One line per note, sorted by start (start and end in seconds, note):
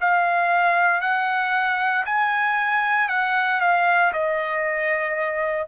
0.00 1.01 F5
1.01 2.04 F#5
2.05 3.08 G#5
3.08 3.60 F#5
3.60 4.12 F5
4.12 5.68 D#5